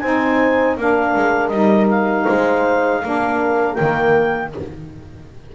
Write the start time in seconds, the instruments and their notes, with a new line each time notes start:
0.00 double bass C4, saxophone D#4, horn C5, clarinet G#5
0.77 double bass A#3, saxophone D4, horn A#4, clarinet F5
1.15 double bass G#3
1.48 double bass G3, saxophone D#4, clarinet D#5
1.90 clarinet F5
2.26 double bass G#3, horn C5
3.03 double bass A#3, saxophone D4, horn A#4
3.75 double bass D#3, saxophone A#3, clarinet G5